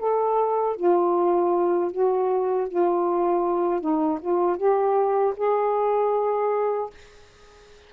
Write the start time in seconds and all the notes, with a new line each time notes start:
0.00 A4
0.76 F4
1.92 F#4
2.69 F4
3.81 D#4
4.21 F4
4.57 G4
5.37 G#4